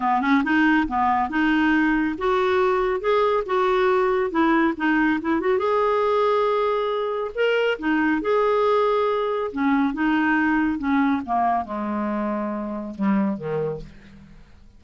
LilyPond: \new Staff \with { instrumentName = "clarinet" } { \time 4/4 \tempo 4 = 139 b8 cis'8 dis'4 b4 dis'4~ | dis'4 fis'2 gis'4 | fis'2 e'4 dis'4 | e'8 fis'8 gis'2.~ |
gis'4 ais'4 dis'4 gis'4~ | gis'2 cis'4 dis'4~ | dis'4 cis'4 ais4 gis4~ | gis2 g4 dis4 | }